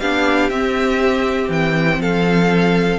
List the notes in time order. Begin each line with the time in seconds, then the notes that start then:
0.00 B3 D4 G4 F5
0.50 C4 E5
1.49 E3 G5
1.99 F3 A4 F5